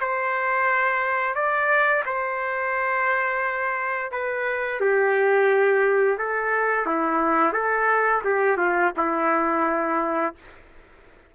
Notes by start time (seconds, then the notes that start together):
0.00 C5
1.34 D5
2.05 C5
4.11 B4
4.80 G4
6.18 A4
6.86 E4
7.53 A4
8.24 G4
8.57 F4
8.97 E4